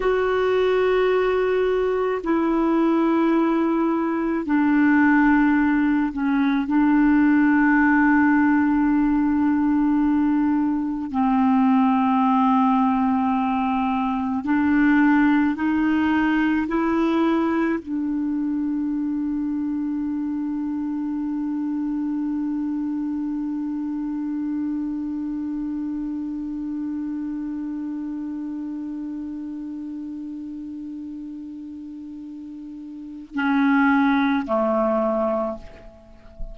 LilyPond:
\new Staff \with { instrumentName = "clarinet" } { \time 4/4 \tempo 4 = 54 fis'2 e'2 | d'4. cis'8 d'2~ | d'2 c'2~ | c'4 d'4 dis'4 e'4 |
d'1~ | d'1~ | d'1~ | d'2 cis'4 a4 | }